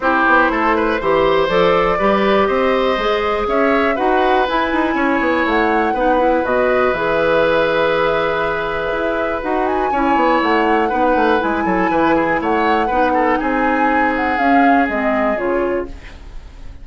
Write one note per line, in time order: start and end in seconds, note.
0.00 0.23 C4
0.00 1.00 E4
0.00 0.51 G4
0.00 1.48 C5
0.26 0.49 B3
0.49 0.99 A3
0.49 0.75 A4
0.75 1.00 B4
1.00 1.48 E3
1.00 1.48 G4
1.00 1.98 C5
1.48 1.98 F3
1.48 1.98 A4
1.48 2.45 D5
1.98 2.49 G3
1.98 2.98 G4
1.98 2.48 B4
2.45 2.97 C4
2.45 3.47 C5
2.45 3.45 D#5
2.97 3.47 G#3
2.97 3.96 G#4
3.47 3.96 C#4
3.47 3.95 C#5
3.47 3.97 E5
3.95 4.48 D#4
3.95 4.45 F#4
3.95 4.94 B4
3.95 4.46 F#5
4.47 5.96 E4
4.47 4.72 E4
4.47 5.47 G#5
4.72 4.94 D#4
4.94 5.19 C#4
4.94 5.93 C#5
5.20 5.45 B3
5.45 5.93 A3
5.45 6.45 F#5
5.93 6.43 B3
5.93 6.18 D#4
5.93 9.90 B4
6.18 6.43 E4
6.43 6.93 B2
6.43 6.93 F#4
6.43 6.93 D#5
6.93 8.91 E3
6.93 9.42 G#4
6.93 9.41 E5
8.92 9.41 E4
9.42 9.91 D#4
9.42 9.92 F#4
9.42 9.66 F#5
9.66 10.40 G#5
9.91 10.15 C#4
9.91 10.89 E4
9.91 10.88 C#5
10.15 10.40 B3
10.42 10.92 A3
10.42 11.41 F#5
10.88 11.15 B3
10.88 11.39 D#4
10.88 11.63 B4
11.15 11.40 A3
11.39 11.65 G#3
11.39 12.87 E4
11.39 12.41 G#5
11.65 11.89 F#3
11.65 11.90 A4
11.90 12.40 E3
11.90 12.15 B4
12.15 12.40 G#4
12.40 12.89 A3
12.40 12.87 C#5
12.40 13.38 F#5
12.87 13.39 B3
12.87 14.38 D#4
12.87 13.11 B4
13.13 13.38 A4
13.38 14.38 C4
13.38 15.87 G#4
13.38 14.12 G#5
14.15 14.37 F#5
14.37 14.87 C#4
14.37 14.88 C#4
14.37 14.86 F5
14.88 15.36 G#3
14.88 15.36 C4
14.88 15.37 D#5
15.36 15.86 C#3
15.36 15.86 F4
15.36 15.87 C#5